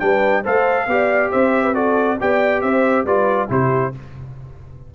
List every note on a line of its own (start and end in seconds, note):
0.00 0.46 G3
0.00 0.44 D4
0.00 0.43 B4
0.00 0.43 G5
0.43 0.88 A3
0.43 0.88 A4
0.43 0.87 C5
0.43 1.32 F5
0.88 1.31 B3
0.88 1.75 G4
0.88 1.32 D5
1.32 2.21 C4
1.32 1.64 C5
1.32 1.75 E5
1.64 1.75 B4
1.75 2.18 F#4
1.75 2.18 A4
1.75 2.19 D5
2.21 2.63 B3
2.21 3.07 G4
2.21 2.64 D5
2.21 2.62 G5
2.62 3.05 C4
2.62 3.06 C5
2.62 3.05 E5
3.05 3.48 G3
3.05 3.49 F4
3.05 3.49 B4
3.05 3.50 D5
3.49 3.94 C3
3.49 3.92 E4
3.49 3.95 G4
3.49 3.95 C5